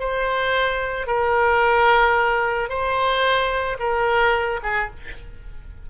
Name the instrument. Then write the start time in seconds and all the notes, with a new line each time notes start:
oboe
0.00 C5
1.07 A#4
2.70 C5
3.79 A#4
4.63 G#4